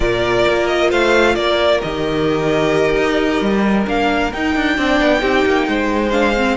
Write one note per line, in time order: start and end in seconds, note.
0.00 0.45 A#2
0.00 1.81 F4
0.00 0.89 A#4
0.00 0.67 D5
0.48 0.91 A#3
0.67 0.90 D#5
0.89 1.35 A3
0.89 1.35 C5
0.89 1.35 F5
1.35 1.81 A#3
1.35 4.76 A#4
1.35 1.80 D5
1.81 2.95 D#3
1.81 3.85 G4
1.81 3.86 D#5
2.95 3.41 D#4
3.41 3.86 G3
3.85 4.32 A#3
3.85 4.31 D4
3.85 4.32 F5
4.32 4.55 D#4
4.32 4.78 D#4
4.32 6.11 G5
4.55 4.77 D4
4.76 5.00 C4
4.76 5.19 D4
4.76 5.20 D5
5.00 5.22 B3
5.19 5.45 C4
5.19 6.10 D#4
5.19 5.65 G4
5.45 5.67 A#3
5.67 6.57 G#3
5.67 6.57 C5
6.11 6.34 D4
6.11 6.57 F5
6.36 6.57 C4